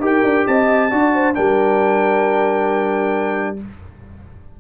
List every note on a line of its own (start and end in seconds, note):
0.00 0.22 D#4
0.00 0.90 G4
0.00 0.47 A#4
0.00 0.47 G5
0.23 0.46 D4
0.47 0.92 C4
0.47 0.91 D#5
0.47 1.34 A5
0.90 1.36 D4
0.90 1.34 F#4
0.90 1.13 D5
1.14 1.36 C5
1.34 3.60 G3
1.34 3.56 D4
1.34 3.58 A#4
1.34 3.57 G5